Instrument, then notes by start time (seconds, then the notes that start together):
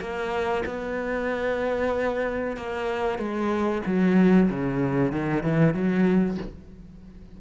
cello
0.00 A#3
0.66 B3
2.57 A#3
3.19 G#3
3.86 F#3
4.50 C#3
5.12 D#3
5.43 E3
5.74 F#3